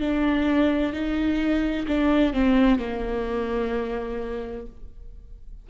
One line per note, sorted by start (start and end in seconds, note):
0.00 0.93 D4
0.93 1.87 D#4
1.88 2.34 D4
2.34 2.79 C4
2.79 4.67 A#3